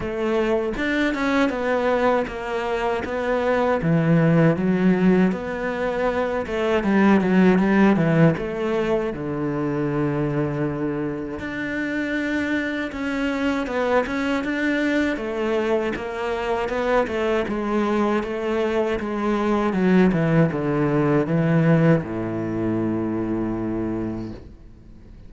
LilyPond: \new Staff \with { instrumentName = "cello" } { \time 4/4 \tempo 4 = 79 a4 d'8 cis'8 b4 ais4 | b4 e4 fis4 b4~ | b8 a8 g8 fis8 g8 e8 a4 | d2. d'4~ |
d'4 cis'4 b8 cis'8 d'4 | a4 ais4 b8 a8 gis4 | a4 gis4 fis8 e8 d4 | e4 a,2. | }